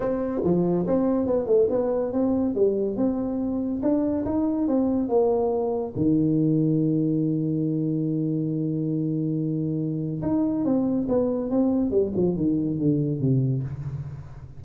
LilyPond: \new Staff \with { instrumentName = "tuba" } { \time 4/4 \tempo 4 = 141 c'4 f4 c'4 b8 a8 | b4 c'4 g4 c'4~ | c'4 d'4 dis'4 c'4 | ais2 dis2~ |
dis1~ | dis1 | dis'4 c'4 b4 c'4 | g8 f8 dis4 d4 c4 | }